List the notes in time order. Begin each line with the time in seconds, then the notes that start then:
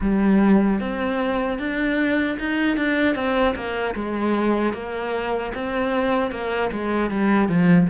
0.00 G3
0.80 C4
1.58 D4
2.39 D#4
2.76 D4
3.15 C4
3.55 A#3
3.94 G#3
4.73 A#3
5.54 C4
6.31 A#3
6.71 G#3
7.10 G3
7.48 F3